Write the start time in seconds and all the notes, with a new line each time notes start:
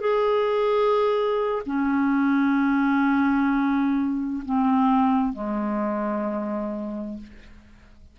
0.00 G#4
1.66 C#4
4.45 C4
5.32 G#3